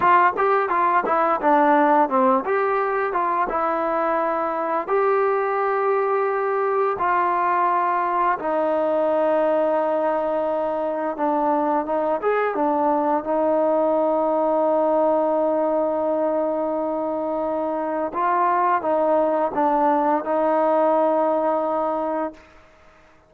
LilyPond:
\new Staff \with { instrumentName = "trombone" } { \time 4/4 \tempo 4 = 86 f'8 g'8 f'8 e'8 d'4 c'8 g'8~ | g'8 f'8 e'2 g'4~ | g'2 f'2 | dis'1 |
d'4 dis'8 gis'8 d'4 dis'4~ | dis'1~ | dis'2 f'4 dis'4 | d'4 dis'2. | }